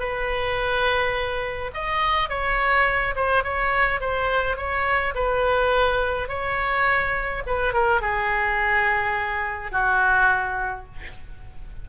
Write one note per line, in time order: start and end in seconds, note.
0.00 1.71 B4
1.74 2.30 D#5
2.30 3.15 C#5
3.16 3.44 C5
3.44 4.01 C#5
4.01 4.57 C5
4.57 5.14 C#5
5.15 6.29 B4
6.29 7.43 C#5
7.46 7.74 B4
7.74 8.02 A#4
8.02 9.72 G#4
9.72 10.86 F#4